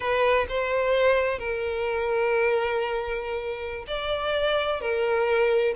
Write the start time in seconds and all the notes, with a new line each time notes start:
0.00 B4
0.48 C5
1.38 A#4
3.87 D5
4.80 A#4